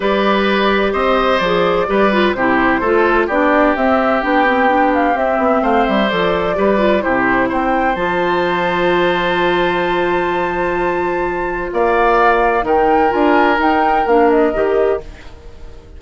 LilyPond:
<<
  \new Staff \with { instrumentName = "flute" } { \time 4/4 \tempo 4 = 128 d''2 dis''4 d''4~ | d''4 c''2 d''4 | e''4 g''4. f''8 e''4 | f''8 e''8 d''2 c''4 |
g''4 a''2.~ | a''1~ | a''4 f''2 g''4 | gis''4 g''4 f''8 dis''4. | }
  \new Staff \with { instrumentName = "oboe" } { \time 4/4 b'2 c''2 | b'4 g'4 a'4 g'4~ | g'1 | c''2 b'4 g'4 |
c''1~ | c''1~ | c''4 d''2 ais'4~ | ais'1 | }
  \new Staff \with { instrumentName = "clarinet" } { \time 4/4 g'2. gis'4 | g'8 f'8 e'4 f'4 d'4 | c'4 d'8 c'8 d'4 c'4~ | c'4 a'4 g'8 f'8 e'4~ |
e'4 f'2.~ | f'1~ | f'2. dis'4 | f'4 dis'4 d'4 g'4 | }
  \new Staff \with { instrumentName = "bassoon" } { \time 4/4 g2 c'4 f4 | g4 c4 a4 b4 | c'4 b2 c'8 b8 | a8 g8 f4 g4 c4 |
c'4 f2.~ | f1~ | f4 ais2 dis4 | d'4 dis'4 ais4 dis4 | }
>>